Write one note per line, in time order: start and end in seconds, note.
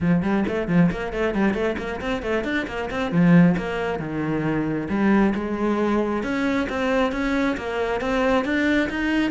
0.00 0.22 F3
0.22 0.44 G3
0.48 0.68 A3
0.68 0.90 F3
0.91 1.13 A#3
1.13 1.34 A3
1.34 1.53 G3
1.53 1.76 A3
1.78 2.00 A#3
2.00 2.22 C4
2.22 2.44 A3
2.44 2.66 D4
2.67 2.89 A#3
2.90 3.11 C4
3.11 3.56 F3
3.57 3.99 A#3
3.99 4.88 D#3
4.89 5.33 G3
5.35 6.23 G#3
6.23 6.67 C#4
6.69 7.12 C4
7.12 7.56 C#4
7.57 8.00 A#3
8.00 8.44 C4
8.44 8.89 D4
8.89 9.31 D#4